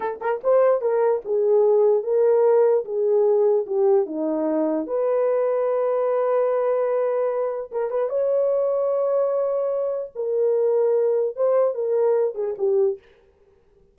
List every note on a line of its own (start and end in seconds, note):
0.00 0.20 A4
0.20 0.41 A#4
0.43 0.81 C5
0.81 1.21 A#4
1.25 2.03 G#4
2.03 2.84 A#4
2.84 3.65 G#4
3.66 4.05 G4
4.05 4.86 D#4
4.86 7.70 B4
7.71 7.90 A#4
7.90 8.09 B4
8.09 10.11 C#5
10.15 11.36 A#4
11.36 11.74 C5
11.74 12.34 A#4
12.34 12.55 G#4
12.58 12.98 G4